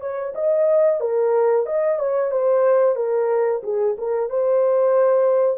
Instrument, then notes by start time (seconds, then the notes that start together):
horn
0.00 C#5
0.34 D#5
1.00 A#4
1.66 D#5
1.99 C#5
2.31 C5
2.95 A#4
3.63 G#4
3.97 A#4
4.29 C5